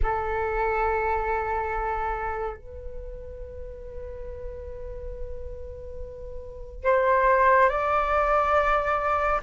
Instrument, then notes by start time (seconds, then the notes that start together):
flute
0.02 A4
2.56 B4
6.84 C5
7.69 D5